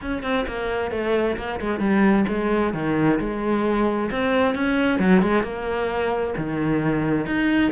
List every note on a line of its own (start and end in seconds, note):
0.01 0.22 C#4
0.22 0.45 C4
0.47 0.91 A#3
0.91 1.36 A3
1.37 1.60 A#3
1.60 1.79 G#3
1.79 2.25 G3
2.28 2.73 G#3
2.73 3.19 D#3
3.19 4.10 G#3
4.11 4.54 C4
4.54 4.99 C#4
4.99 5.21 F#3
5.21 5.43 G#3
5.43 6.33 A#3
6.37 7.26 D#3
7.26 7.71 D#4